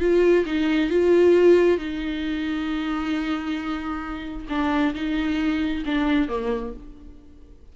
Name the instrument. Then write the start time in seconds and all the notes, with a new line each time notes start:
viola
0.00 F4
0.46 D#4
0.90 F4
1.78 D#4
4.49 D4
4.94 D#4
5.85 D4
6.28 A#3